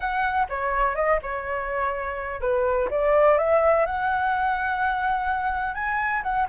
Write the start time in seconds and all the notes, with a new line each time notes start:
0.00 F#5
0.49 C#5
0.95 D#5
1.22 C#5
2.40 B4
2.90 D5
3.37 E5
3.86 F#5
5.74 G#5
6.23 F#5